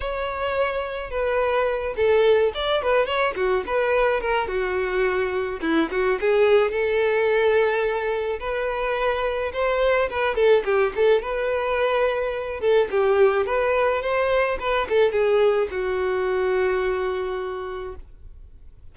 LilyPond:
\new Staff \with { instrumentName = "violin" } { \time 4/4 \tempo 4 = 107 cis''2 b'4. a'8~ | a'8 d''8 b'8 cis''8 fis'8 b'4 ais'8 | fis'2 e'8 fis'8 gis'4 | a'2. b'4~ |
b'4 c''4 b'8 a'8 g'8 a'8 | b'2~ b'8 a'8 g'4 | b'4 c''4 b'8 a'8 gis'4 | fis'1 | }